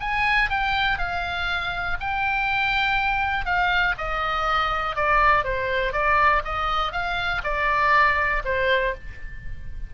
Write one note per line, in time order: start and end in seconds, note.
0.00 0.50 G#5
0.50 0.98 G5
0.98 1.97 F5
2.00 3.45 G5
3.45 3.95 F5
3.98 4.96 D#5
4.96 5.44 D5
5.44 5.93 C5
5.93 6.42 D5
6.45 6.92 D#5
6.92 7.42 F5
7.44 8.43 D5
8.45 8.94 C5